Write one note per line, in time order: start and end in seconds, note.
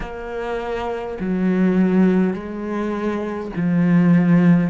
0.00 1.18 A#3
1.20 2.33 F#3
2.33 3.51 G#3
3.56 4.70 F3